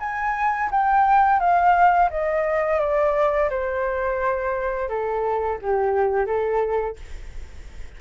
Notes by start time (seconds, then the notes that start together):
0.00 G#5
0.71 G5
1.40 F5
2.10 D#5
2.80 D5
3.50 C5
4.89 A4
5.62 G4
6.26 A4